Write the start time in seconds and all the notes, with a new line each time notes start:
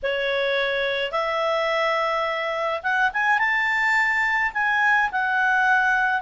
0.02 C#5
1.11 E5
2.83 F#5
3.13 G#5
3.38 A5
4.53 G#5
5.11 F#5